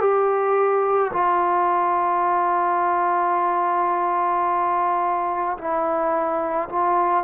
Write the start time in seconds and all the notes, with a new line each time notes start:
0.00 G4
1.13 F4
5.58 E4
6.69 F4